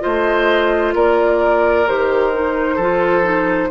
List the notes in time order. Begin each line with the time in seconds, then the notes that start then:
0.00 A3 F4 C5 D#5
0.94 A#3 A#4 D5
1.87 D#3 G4 C5
2.33 D#4
2.75 F3 F4 A4
3.23 D#4